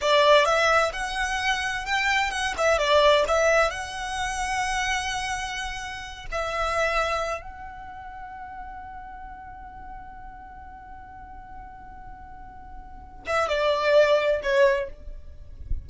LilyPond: \new Staff \with { instrumentName = "violin" } { \time 4/4 \tempo 4 = 129 d''4 e''4 fis''2 | g''4 fis''8 e''8 d''4 e''4 | fis''1~ | fis''4. e''2~ e''8 |
fis''1~ | fis''1~ | fis''1~ | fis''8 e''8 d''2 cis''4 | }